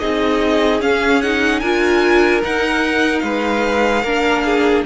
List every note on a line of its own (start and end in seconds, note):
0.00 0.82 C4
0.00 0.81 D#4
0.00 1.61 G#4
0.00 0.81 D#5
0.81 1.22 C#4
0.81 1.62 C#4
0.81 1.22 F5
1.22 1.63 D#4
1.22 1.60 F#5
1.60 2.43 D4
1.60 2.42 F4
1.60 3.23 A#4
1.60 2.41 G#5
2.42 4.04 D#4
2.42 3.23 D#4
2.42 3.20 F#5
3.20 4.04 G#3
3.20 4.03 B4
3.20 4.82 F5
4.03 4.85 A#3
4.03 4.86 D4
4.03 4.43 A#4
4.45 4.86 G#4